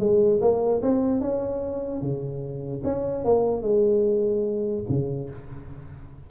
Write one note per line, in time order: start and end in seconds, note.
0.00 0.41 G#3
0.41 0.82 A#3
0.82 1.21 C4
1.21 2.02 C#4
2.02 2.83 C#3
2.85 3.25 C#4
3.25 3.62 A#3
3.62 4.84 G#3
4.89 5.30 C#3